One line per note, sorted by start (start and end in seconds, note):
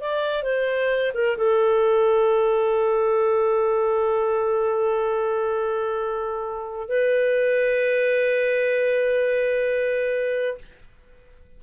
0.00 0.42 D5
0.42 1.12 C5
1.14 1.37 A#4
1.37 6.88 A4
6.88 10.57 B4